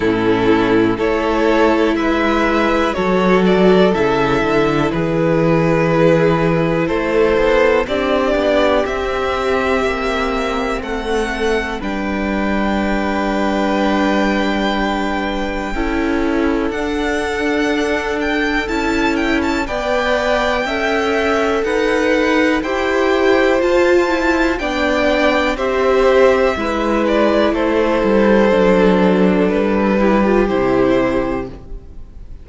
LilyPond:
<<
  \new Staff \with { instrumentName = "violin" } { \time 4/4 \tempo 4 = 61 a'4 cis''4 e''4 cis''8 d''8 | e''4 b'2 c''4 | d''4 e''2 fis''4 | g''1~ |
g''4 fis''4. g''8 a''8 g''16 a''16 | g''2 fis''4 g''4 | a''4 g''4 e''4. d''8 | c''2 b'4 c''4 | }
  \new Staff \with { instrumentName = "violin" } { \time 4/4 e'4 a'4 b'4 a'4~ | a'4 gis'2 a'4 | g'2. a'4 | b'1 |
a'1 | d''4 e''4 b'4 c''4~ | c''4 d''4 c''4 b'4 | a'2~ a'8 g'4. | }
  \new Staff \with { instrumentName = "viola" } { \time 4/4 cis'4 e'2 fis'4 | e'1 | d'4 c'2. | d'1 |
e'4 d'2 e'4 | b'4 a'2 g'4 | f'8 e'8 d'4 g'4 e'4~ | e'4 d'4. e'16 f'16 e'4 | }
  \new Staff \with { instrumentName = "cello" } { \time 4/4 a,4 a4 gis4 fis4 | cis8 d8 e2 a8 b8 | c'8 b8 c'4 ais4 a4 | g1 |
cis'4 d'2 cis'4 | b4 cis'4 dis'4 e'4 | f'4 b4 c'4 gis4 | a8 g8 fis4 g4 c4 | }
>>